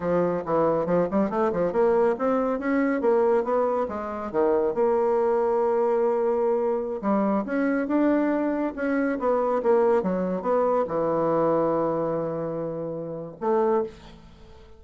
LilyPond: \new Staff \with { instrumentName = "bassoon" } { \time 4/4 \tempo 4 = 139 f4 e4 f8 g8 a8 f8 | ais4 c'4 cis'4 ais4 | b4 gis4 dis4 ais4~ | ais1~ |
ais16 g4 cis'4 d'4.~ d'16~ | d'16 cis'4 b4 ais4 fis8.~ | fis16 b4 e2~ e8.~ | e2. a4 | }